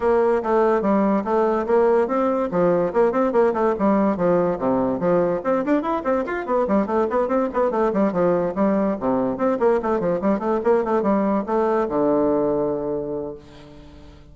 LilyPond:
\new Staff \with { instrumentName = "bassoon" } { \time 4/4 \tempo 4 = 144 ais4 a4 g4 a4 | ais4 c'4 f4 ais8 c'8 | ais8 a8 g4 f4 c4 | f4 c'8 d'8 e'8 c'8 f'8 b8 |
g8 a8 b8 c'8 b8 a8 g8 f8~ | f8 g4 c4 c'8 ais8 a8 | f8 g8 a8 ais8 a8 g4 a8~ | a8 d2.~ d8 | }